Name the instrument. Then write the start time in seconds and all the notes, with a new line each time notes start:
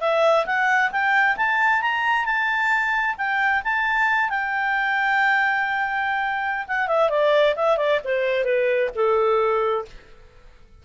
clarinet
0.00 E5
0.46 F#5
0.91 G5
1.36 A5
1.81 A#5
2.25 A5
3.17 G5
3.64 A5
4.29 G5
6.67 F#5
6.87 E5
7.09 D5
7.56 E5
7.77 D5
8.04 C5
8.44 B4
8.95 A4